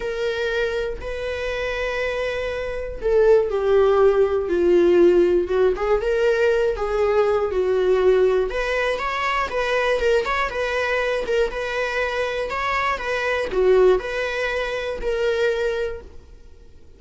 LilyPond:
\new Staff \with { instrumentName = "viola" } { \time 4/4 \tempo 4 = 120 ais'2 b'2~ | b'2 a'4 g'4~ | g'4 f'2 fis'8 gis'8 | ais'4. gis'4. fis'4~ |
fis'4 b'4 cis''4 b'4 | ais'8 cis''8 b'4. ais'8 b'4~ | b'4 cis''4 b'4 fis'4 | b'2 ais'2 | }